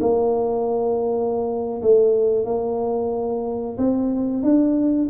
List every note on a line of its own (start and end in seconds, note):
0.00 1.81 A#3
1.82 2.45 A3
2.45 3.76 A#3
3.78 4.43 C4
4.43 5.09 D4